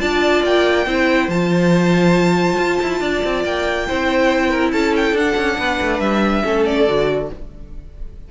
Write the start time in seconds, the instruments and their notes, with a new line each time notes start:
0.00 cello D4, viola F4, violin D5 A5
0.44 cello A#3, violin G5
0.86 cello C4, viola E4, violin C5
1.28 cello F3, viola F4, violin A5
2.58 cello F4
2.83 cello E4
3.01 cello D4, violin D5
3.25 cello C4
3.44 cello A#3, violin G5
3.88 cello C4, viola E4, violin C5
4.50 violin A#4
4.72 cello C#4, violin A4 A5
4.96 violin G5
5.13 cello D4, viola D4, violin F#5
5.37 cello C#4
5.58 cello B3, violin B4
5.82 cello A3
6.00 cello G3, violin E5
6.43 cello A3, viola C#4, violin A4
6.65 violin D5
6.87 cello D3, viola F#4